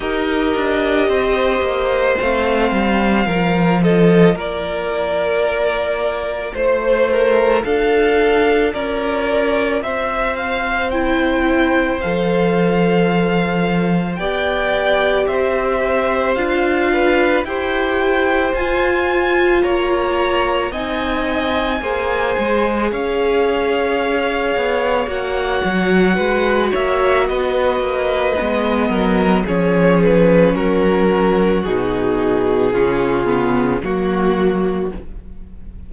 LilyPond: <<
  \new Staff \with { instrumentName = "violin" } { \time 4/4 \tempo 4 = 55 dis''2 f''4. dis''8 | d''2 c''4 f''4 | d''4 e''8 f''8 g''4 f''4~ | f''4 g''4 e''4 f''4 |
g''4 gis''4 ais''4 gis''4~ | gis''4 f''2 fis''4~ | fis''8 e''8 dis''2 cis''8 b'8 | ais'4 gis'2 fis'4 | }
  \new Staff \with { instrumentName = "violin" } { \time 4/4 ais'4 c''2 ais'8 a'8 | ais'2 c''8 ais'8 a'4 | ais'4 c''2.~ | c''4 d''4 c''4. b'8 |
c''2 cis''4 dis''4 | c''4 cis''2. | b'8 cis''8 b'4. ais'8 gis'4 | fis'2 f'4 fis'4 | }
  \new Staff \with { instrumentName = "viola" } { \time 4/4 g'2 c'4 f'4~ | f'1~ | f'2 e'4 a'4~ | a'4 g'2 f'4 |
g'4 f'2 dis'4 | gis'2. fis'4~ | fis'2 b4 cis'4~ | cis'4 dis'4 cis'8 b8 ais4 | }
  \new Staff \with { instrumentName = "cello" } { \time 4/4 dis'8 d'8 c'8 ais8 a8 g8 f4 | ais2 a4 d'4 | cis'4 c'2 f4~ | f4 b4 c'4 d'4 |
e'4 f'4 ais4 c'4 | ais8 gis8 cis'4. b8 ais8 fis8 | gis8 ais8 b8 ais8 gis8 fis8 f4 | fis4 b,4 cis4 fis4 | }
>>